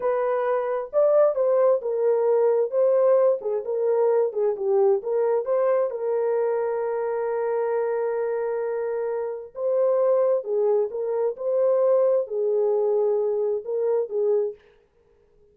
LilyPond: \new Staff \with { instrumentName = "horn" } { \time 4/4 \tempo 4 = 132 b'2 d''4 c''4 | ais'2 c''4. gis'8 | ais'4. gis'8 g'4 ais'4 | c''4 ais'2.~ |
ais'1~ | ais'4 c''2 gis'4 | ais'4 c''2 gis'4~ | gis'2 ais'4 gis'4 | }